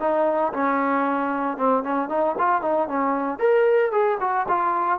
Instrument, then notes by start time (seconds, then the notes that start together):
trombone
0.00 D#4
0.53 C#4
1.57 C4
1.83 C#4
2.09 D#4
2.38 F4
2.62 D#4
2.88 C#4
3.39 A#4
3.92 G#4
4.20 F#4
4.48 F4